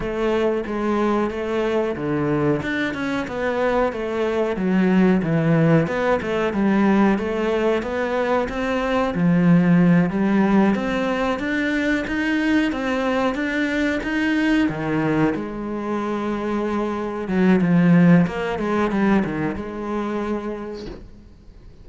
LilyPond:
\new Staff \with { instrumentName = "cello" } { \time 4/4 \tempo 4 = 92 a4 gis4 a4 d4 | d'8 cis'8 b4 a4 fis4 | e4 b8 a8 g4 a4 | b4 c'4 f4. g8~ |
g8 c'4 d'4 dis'4 c'8~ | c'8 d'4 dis'4 dis4 gis8~ | gis2~ gis8 fis8 f4 | ais8 gis8 g8 dis8 gis2 | }